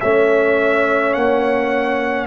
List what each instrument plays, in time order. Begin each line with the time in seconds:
0.00 tuba A3, trombone C#4, horn C#5, trumpet E5
1.13 tuba A#3, trumpet F#5